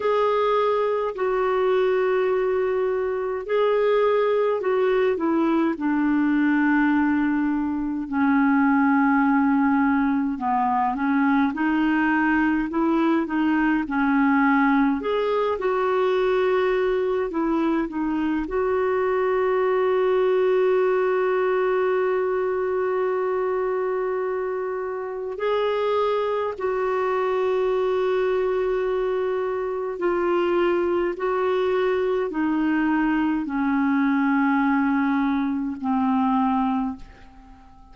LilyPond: \new Staff \with { instrumentName = "clarinet" } { \time 4/4 \tempo 4 = 52 gis'4 fis'2 gis'4 | fis'8 e'8 d'2 cis'4~ | cis'4 b8 cis'8 dis'4 e'8 dis'8 | cis'4 gis'8 fis'4. e'8 dis'8 |
fis'1~ | fis'2 gis'4 fis'4~ | fis'2 f'4 fis'4 | dis'4 cis'2 c'4 | }